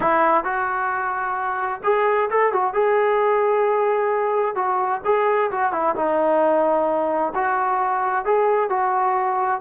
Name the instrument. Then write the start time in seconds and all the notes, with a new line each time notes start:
trombone
0.00 E4
0.44 F#4
1.83 G#4
2.30 A4
2.53 F#4
2.73 G#4
4.55 F#4
5.05 G#4
5.51 F#4
5.72 E4
5.95 D#4
7.34 F#4
8.25 G#4
8.69 F#4